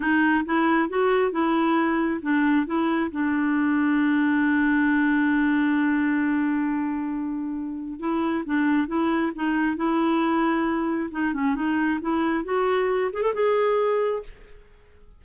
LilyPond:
\new Staff \with { instrumentName = "clarinet" } { \time 4/4 \tempo 4 = 135 dis'4 e'4 fis'4 e'4~ | e'4 d'4 e'4 d'4~ | d'1~ | d'1~ |
d'2 e'4 d'4 | e'4 dis'4 e'2~ | e'4 dis'8 cis'8 dis'4 e'4 | fis'4. gis'16 a'16 gis'2 | }